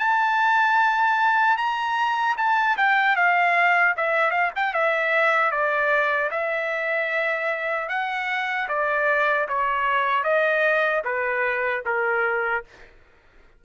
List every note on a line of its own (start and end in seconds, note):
0.00 1.58 A5
1.58 2.36 A#5
2.38 2.77 A5
2.77 3.17 G5
3.17 3.95 F5
3.97 4.31 E5
4.31 4.51 F5
4.56 4.74 G5
4.74 5.52 E5
5.52 6.31 D5
6.32 7.89 E5
7.89 8.68 F#5
8.69 9.48 D5
9.49 10.24 C#5
10.24 11.03 D#5
11.05 11.84 B4
11.86 12.65 A#4